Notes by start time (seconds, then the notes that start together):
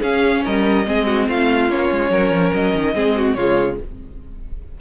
0.00 C#4 G#4 F5
0.45 G3 A#4 D#5
0.86 G#3 C4 G#4
1.07 F#4
1.28 A3 F4 F5
1.69 A#3 C#4 C#5
1.91 G#3
2.10 F#3 A#4
2.31 F3
2.53 F#3 D#5
2.75 D#3
2.95 G#3 C4 G#4
3.17 F#4
3.34 C#3 G#3 F4 C#5